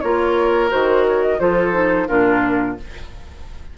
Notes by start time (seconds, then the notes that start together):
0.00 A#3 F4 A#4 C#5
0.69 D#3 F#4 C5
1.08 C#5
1.22 D#5
1.38 F3 F4 A4 C5
1.72 D#4
2.07 A#2 D4 F4 A#4